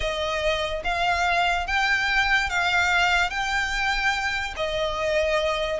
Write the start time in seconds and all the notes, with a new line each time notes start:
0.00 D#5
0.84 F5
1.66 G5
2.49 F5
3.30 G5
4.56 D#5